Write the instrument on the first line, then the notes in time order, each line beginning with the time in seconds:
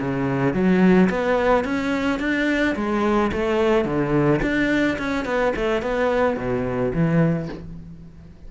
cello
0.00 C#3
0.54 F#3
1.09 B3
1.64 C#4
2.19 D4
2.75 G#3
3.32 A3
3.85 D3
4.42 D4
4.98 C#4
5.25 B3
5.56 A3
5.82 B3
6.37 B2
6.93 E3